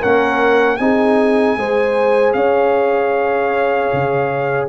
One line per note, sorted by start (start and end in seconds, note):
0.00 0.79 A#3
0.00 0.78 C#4
0.00 0.78 A#4
0.00 0.77 F#5
0.77 1.57 C4
0.77 1.59 D#4
0.77 1.58 G#4
0.77 2.33 G#5
1.57 2.35 G#3
1.57 4.69 G#4
1.57 2.37 C5
2.33 3.90 C#4
2.33 4.69 C#5
2.33 4.67 F5
3.94 4.69 C#3